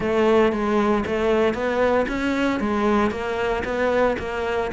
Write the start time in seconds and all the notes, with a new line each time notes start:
0.00 A3
0.52 G#3
1.06 A3
1.54 B3
2.08 C#4
2.59 G#3
3.10 A#3
3.64 B3
4.19 A#3